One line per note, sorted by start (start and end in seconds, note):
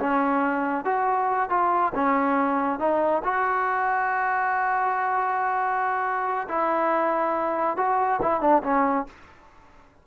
0.00 0.85 C#4
0.85 1.50 F#4
1.50 1.93 F4
1.95 2.80 C#4
2.80 3.23 D#4
3.24 6.48 F#4
6.49 7.77 E4
7.77 8.20 F#4
8.22 8.41 E4
8.41 8.63 D4
8.64 9.07 C#4